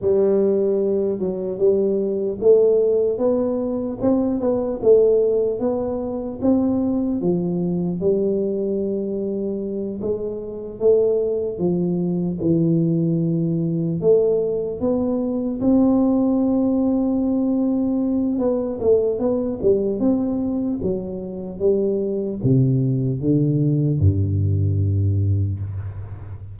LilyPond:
\new Staff \with { instrumentName = "tuba" } { \time 4/4 \tempo 4 = 75 g4. fis8 g4 a4 | b4 c'8 b8 a4 b4 | c'4 f4 g2~ | g8 gis4 a4 f4 e8~ |
e4. a4 b4 c'8~ | c'2. b8 a8 | b8 g8 c'4 fis4 g4 | c4 d4 g,2 | }